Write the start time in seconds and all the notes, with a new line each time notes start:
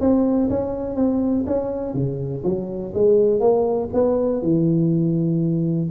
0.00 C4
0.50 C#4
0.96 C4
1.47 C#4
1.94 C#3
2.44 F#3
2.94 G#3
3.40 A#3
3.93 B3
4.42 E3